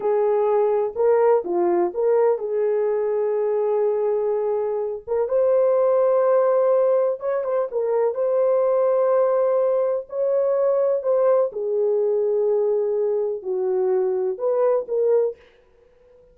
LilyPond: \new Staff \with { instrumentName = "horn" } { \time 4/4 \tempo 4 = 125 gis'2 ais'4 f'4 | ais'4 gis'2.~ | gis'2~ gis'8 ais'8 c''4~ | c''2. cis''8 c''8 |
ais'4 c''2.~ | c''4 cis''2 c''4 | gis'1 | fis'2 b'4 ais'4 | }